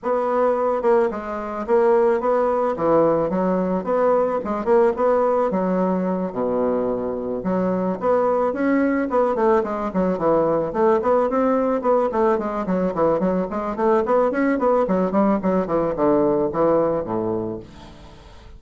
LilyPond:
\new Staff \with { instrumentName = "bassoon" } { \time 4/4 \tempo 4 = 109 b4. ais8 gis4 ais4 | b4 e4 fis4 b4 | gis8 ais8 b4 fis4. b,8~ | b,4. fis4 b4 cis'8~ |
cis'8 b8 a8 gis8 fis8 e4 a8 | b8 c'4 b8 a8 gis8 fis8 e8 | fis8 gis8 a8 b8 cis'8 b8 fis8 g8 | fis8 e8 d4 e4 a,4 | }